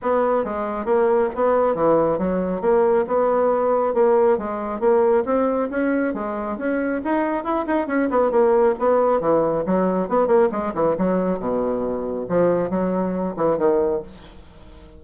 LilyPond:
\new Staff \with { instrumentName = "bassoon" } { \time 4/4 \tempo 4 = 137 b4 gis4 ais4 b4 | e4 fis4 ais4 b4~ | b4 ais4 gis4 ais4 | c'4 cis'4 gis4 cis'4 |
dis'4 e'8 dis'8 cis'8 b8 ais4 | b4 e4 fis4 b8 ais8 | gis8 e8 fis4 b,2 | f4 fis4. e8 dis4 | }